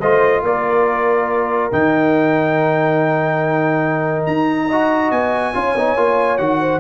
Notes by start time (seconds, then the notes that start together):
0.00 A3 F4 C5 D#5
0.42 A#3 A#4 D5
1.72 D#3 D#4 G5
4.26 D#4 A#5
4.67 F#4 D#5
5.11 B3 G#5
5.53 C#4 F4 C#5
5.75 B3 D#4
5.96 A#3 F4
6.37 D#3 F#4 F#5
6.60 C5